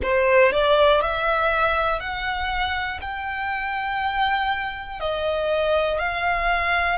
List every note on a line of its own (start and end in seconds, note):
0.02 0.51 C5
0.51 1.00 D5
1.00 2.00 E5
2.00 3.00 F#5
3.01 5.00 G5
5.00 5.99 D#5
5.99 6.98 F5